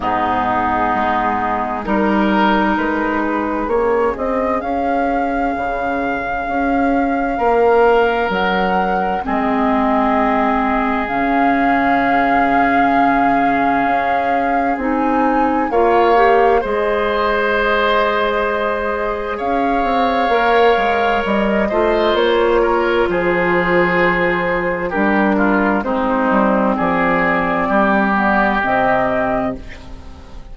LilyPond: <<
  \new Staff \with { instrumentName = "flute" } { \time 4/4 \tempo 4 = 65 gis'2 ais'4 b'4 | cis''8 dis''8 f''2.~ | f''4 fis''4 dis''2 | f''1 |
gis''4 f''4 dis''2~ | dis''4 f''2 dis''4 | cis''4 c''2 ais'4 | c''4 d''2 dis''4 | }
  \new Staff \with { instrumentName = "oboe" } { \time 4/4 dis'2 ais'4. gis'8~ | gis'1 | ais'2 gis'2~ | gis'1~ |
gis'4 cis''4 c''2~ | c''4 cis''2~ cis''8 c''8~ | c''8 ais'8 gis'2 g'8 f'8 | dis'4 gis'4 g'2 | }
  \new Staff \with { instrumentName = "clarinet" } { \time 4/4 b2 dis'2 | cis'1~ | cis'2 c'2 | cis'1 |
dis'4 f'8 g'8 gis'2~ | gis'2 ais'4. f'8~ | f'2. d'4 | c'2~ c'8 b8 c'4 | }
  \new Staff \with { instrumentName = "bassoon" } { \time 4/4 gis,4 gis4 g4 gis4 | ais8 c'8 cis'4 cis4 cis'4 | ais4 fis4 gis2 | cis2. cis'4 |
c'4 ais4 gis2~ | gis4 cis'8 c'8 ais8 gis8 g8 a8 | ais4 f2 g4 | gis8 g8 f4 g4 c4 | }
>>